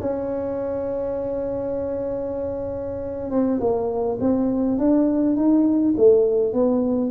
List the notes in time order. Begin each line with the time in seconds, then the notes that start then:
0.00 C#4
3.30 C4
3.60 A#3
4.20 C4
4.78 D4
5.36 D#4
5.97 A3
6.53 B3